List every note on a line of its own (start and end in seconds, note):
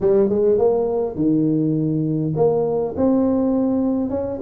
0.01 0.29 G3
0.29 0.57 G#3
0.57 1.15 A#3
1.15 2.33 D#3
2.36 2.94 A#3
2.96 4.10 C4
4.10 4.39 C#4